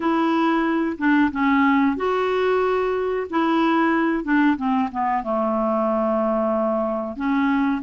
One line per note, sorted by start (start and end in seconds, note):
0.00 0.96 E4
0.98 1.30 D4
1.31 1.96 C#4
1.96 3.27 F#4
3.29 4.24 E4
4.24 4.56 D4
4.57 4.89 C4
4.91 5.23 B3
5.23 7.16 A3
7.16 7.81 C#4